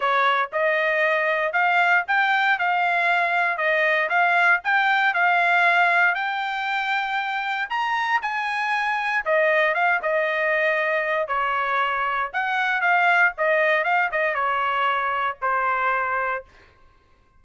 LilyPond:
\new Staff \with { instrumentName = "trumpet" } { \time 4/4 \tempo 4 = 117 cis''4 dis''2 f''4 | g''4 f''2 dis''4 | f''4 g''4 f''2 | g''2. ais''4 |
gis''2 dis''4 f''8 dis''8~ | dis''2 cis''2 | fis''4 f''4 dis''4 f''8 dis''8 | cis''2 c''2 | }